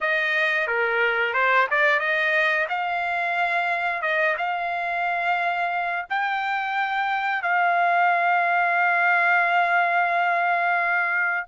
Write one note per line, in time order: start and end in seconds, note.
0.00 0.67 D#5
0.67 1.33 A#4
1.33 1.67 C5
1.70 1.99 D5
1.99 2.66 D#5
2.68 4.02 F5
4.02 4.35 D#5
4.37 6.06 F5
6.09 7.42 G5
7.42 11.46 F5